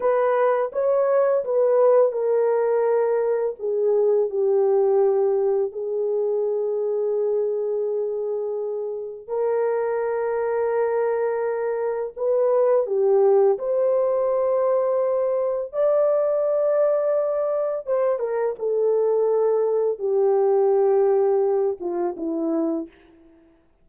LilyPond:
\new Staff \with { instrumentName = "horn" } { \time 4/4 \tempo 4 = 84 b'4 cis''4 b'4 ais'4~ | ais'4 gis'4 g'2 | gis'1~ | gis'4 ais'2.~ |
ais'4 b'4 g'4 c''4~ | c''2 d''2~ | d''4 c''8 ais'8 a'2 | g'2~ g'8 f'8 e'4 | }